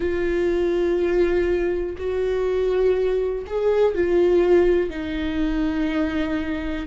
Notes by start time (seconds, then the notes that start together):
0.00 F4
1.97 F#4
3.46 G#4
3.94 F4
4.90 D#4